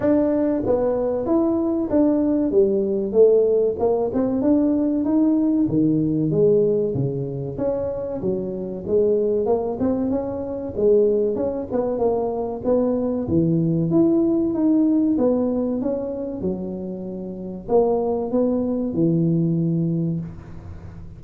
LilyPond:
\new Staff \with { instrumentName = "tuba" } { \time 4/4 \tempo 4 = 95 d'4 b4 e'4 d'4 | g4 a4 ais8 c'8 d'4 | dis'4 dis4 gis4 cis4 | cis'4 fis4 gis4 ais8 c'8 |
cis'4 gis4 cis'8 b8 ais4 | b4 e4 e'4 dis'4 | b4 cis'4 fis2 | ais4 b4 e2 | }